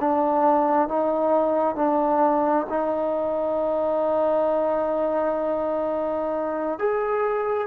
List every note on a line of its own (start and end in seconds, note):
0.00 0.88 D4
0.88 1.76 D#4
1.76 2.67 D4
2.69 6.79 D#4
6.79 7.67 G#4